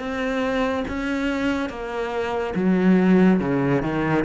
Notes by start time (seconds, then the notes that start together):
0.00 C4
0.88 C#4
1.70 A#3
2.55 F#3
3.40 C#3
3.83 D#3